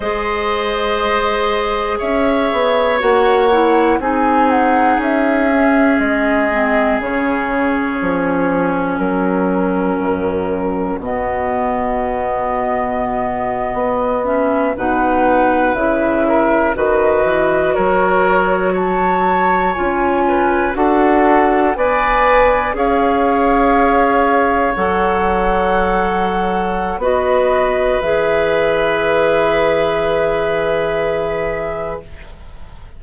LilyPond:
<<
  \new Staff \with { instrumentName = "flute" } { \time 4/4 \tempo 4 = 60 dis''2 e''4 fis''4 | gis''8 fis''8 e''4 dis''4 cis''4~ | cis''4 ais'2 dis''4~ | dis''2~ dis''16 e''8 fis''4 e''16~ |
e''8. dis''4 cis''4 a''4 gis''16~ | gis''8. fis''4 gis''4 f''4~ f''16~ | f''8. fis''2~ fis''16 dis''4 | e''1 | }
  \new Staff \with { instrumentName = "oboe" } { \time 4/4 c''2 cis''2 | gis'1~ | gis'4 fis'2.~ | fis'2~ fis'8. b'4~ b'16~ |
b'16 ais'8 b'4 ais'4 cis''4~ cis''16~ | cis''16 b'8 a'4 d''4 cis''4~ cis''16~ | cis''2. b'4~ | b'1 | }
  \new Staff \with { instrumentName = "clarinet" } { \time 4/4 gis'2. fis'8 e'8 | dis'4. cis'4 c'8 cis'4~ | cis'2. b4~ | b2~ b16 cis'8 dis'4 e'16~ |
e'8. fis'2. f'16~ | f'8. fis'4 b'4 gis'4~ gis'16~ | gis'8. a'2~ a'16 fis'4 | gis'1 | }
  \new Staff \with { instrumentName = "bassoon" } { \time 4/4 gis2 cis'8 b8 ais4 | c'4 cis'4 gis4 cis4 | f4 fis4 fis,4 b,4~ | b,4.~ b,16 b4 b,4 cis16~ |
cis8. dis8 e8 fis2 cis'16~ | cis'8. d'4 b4 cis'4~ cis'16~ | cis'8. fis2~ fis16 b4 | e1 | }
>>